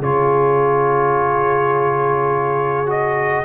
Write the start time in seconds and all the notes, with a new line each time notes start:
0.00 C#3 F4 G#4 C#5
2.86 F#4 D#5